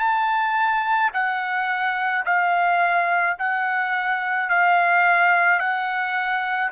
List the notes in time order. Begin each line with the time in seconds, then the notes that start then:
0.00 A5
1.14 F#5
2.26 F5
3.39 F#5
4.49 F5
5.60 F#5